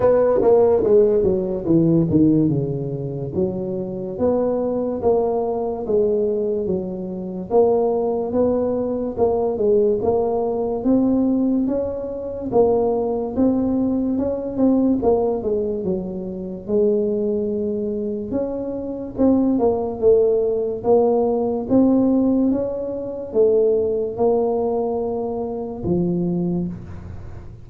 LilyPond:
\new Staff \with { instrumentName = "tuba" } { \time 4/4 \tempo 4 = 72 b8 ais8 gis8 fis8 e8 dis8 cis4 | fis4 b4 ais4 gis4 | fis4 ais4 b4 ais8 gis8 | ais4 c'4 cis'4 ais4 |
c'4 cis'8 c'8 ais8 gis8 fis4 | gis2 cis'4 c'8 ais8 | a4 ais4 c'4 cis'4 | a4 ais2 f4 | }